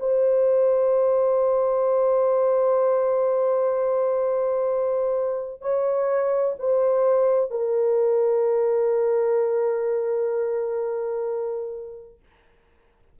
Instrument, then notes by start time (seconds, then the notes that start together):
horn
0.00 C5
5.61 C#5
6.59 C5
7.51 A#4